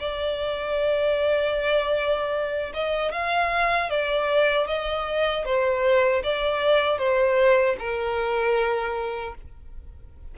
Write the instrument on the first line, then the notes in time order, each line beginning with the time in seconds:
violin
0.00 D5
2.74 D#5
3.12 F5
3.90 D5
4.67 D#5
5.45 C5
6.23 D5
6.98 C5
7.79 A#4